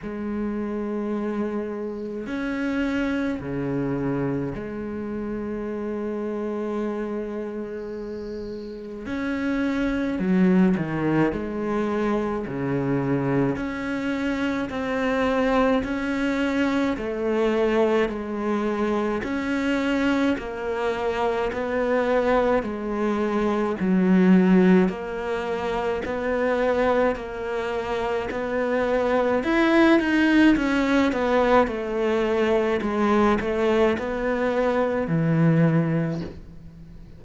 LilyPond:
\new Staff \with { instrumentName = "cello" } { \time 4/4 \tempo 4 = 53 gis2 cis'4 cis4 | gis1 | cis'4 fis8 dis8 gis4 cis4 | cis'4 c'4 cis'4 a4 |
gis4 cis'4 ais4 b4 | gis4 fis4 ais4 b4 | ais4 b4 e'8 dis'8 cis'8 b8 | a4 gis8 a8 b4 e4 | }